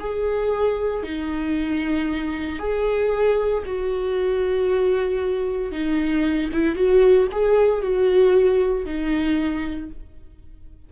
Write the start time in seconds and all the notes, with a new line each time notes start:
0.00 G#4
1.03 D#4
2.59 G#4
3.66 F#4
5.72 D#4
6.53 E4
6.75 F#4
7.32 G#4
7.82 F#4
8.86 D#4